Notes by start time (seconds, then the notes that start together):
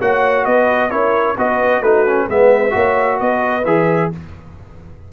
0.00 A#3 F#4 C#5 F#5
0.45 B3 B4 D#5
0.90 C#4 E4 A#4 C#5
1.37 B3 F#4 B4 D#5
1.81 A3 D#4 F#4 B4
2.07 C#4
2.28 G#3 B3 B4 E5
2.70 A#3 F#4 C#5
3.19 B3 B4 D#5
3.65 E3 G#4 E5